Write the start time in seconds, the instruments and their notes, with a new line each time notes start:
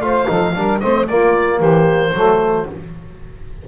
0.00 double bass A3, trombone F4, saxophone C5, oboe F5
0.27 double bass F3, trombone D#4, saxophone A4
0.54 double bass G3, trombone D4, saxophone A#4
0.80 double bass A3, trombone C4, saxophone C5, oboe D#5
1.07 double bass A#3, trombone A#3, saxophone F4, oboe D5
1.58 double bass E3, saxophone G4, oboe C5
2.13 double bass F#3, trombone A3, saxophone A4